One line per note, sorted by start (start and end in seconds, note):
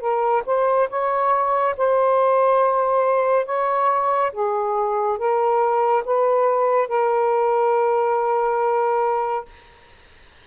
0.00 0.43 A#4
0.46 0.89 C5
0.90 1.75 C#5
1.77 3.46 C5
3.46 4.31 C#5
4.32 5.18 G#4
5.18 6.04 A#4
6.05 6.88 B4
6.88 9.45 A#4